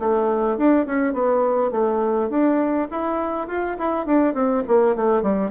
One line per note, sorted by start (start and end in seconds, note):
0.00 0.58 A3
0.58 0.87 D4
0.87 1.14 C#4
1.14 1.72 B3
1.72 2.30 A3
2.30 2.88 D4
2.92 3.48 E4
3.48 3.77 F4
3.79 4.06 E4
4.06 4.35 D4
4.35 4.64 C4
4.68 4.96 A#3
4.96 5.23 A3
5.23 5.52 G3